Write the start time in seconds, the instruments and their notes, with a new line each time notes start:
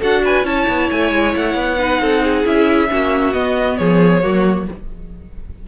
0.00 cello D4, viola F#4, violin A4 F#5
0.25 violin B4 G#5
0.45 cello C#4, viola E4, violin C#5 A5
0.69 cello B3
0.91 cello A3, violin G#5
1.13 cello G#3
1.36 cello A3, violin F#5
1.54 cello B3
1.79 viola D#4, violin B4
2.00 cello C4, violin A4
2.24 violin G#4
2.45 cello C#4, viola E4, violin E5
2.88 cello A#3, viola C#4, violin F#4
3.33 cello B3, viola B3, violin D#5
3.77 cello F3, violin G#4 C#5
4.23 cello F#3, viola A#3, violin F#4